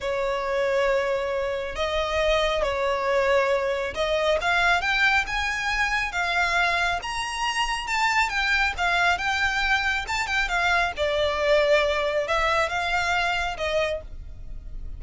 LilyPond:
\new Staff \with { instrumentName = "violin" } { \time 4/4 \tempo 4 = 137 cis''1 | dis''2 cis''2~ | cis''4 dis''4 f''4 g''4 | gis''2 f''2 |
ais''2 a''4 g''4 | f''4 g''2 a''8 g''8 | f''4 d''2. | e''4 f''2 dis''4 | }